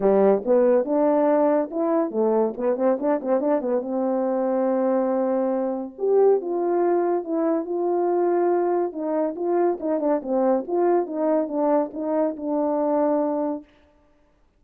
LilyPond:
\new Staff \with { instrumentName = "horn" } { \time 4/4 \tempo 4 = 141 g4 b4 d'2 | e'4 a4 b8 c'8 d'8 c'8 | d'8 b8 c'2.~ | c'2 g'4 f'4~ |
f'4 e'4 f'2~ | f'4 dis'4 f'4 dis'8 d'8 | c'4 f'4 dis'4 d'4 | dis'4 d'2. | }